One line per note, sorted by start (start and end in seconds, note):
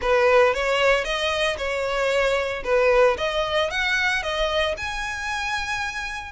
0.01 0.54 B4
0.54 1.04 C#5
1.04 1.56 D#5
1.57 2.63 C#5
2.64 3.16 B4
3.17 3.70 D#5
3.70 4.22 F#5
4.22 4.75 D#5
4.77 6.32 G#5